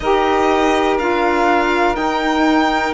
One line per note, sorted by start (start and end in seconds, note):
0.00 0.98 D#4
0.00 0.99 G4
0.00 2.94 A#4
0.00 0.97 D#5
0.98 1.96 D4
0.98 1.93 F4
0.98 1.95 F5
1.93 2.91 D#4
1.93 2.94 D#4
1.93 2.94 G5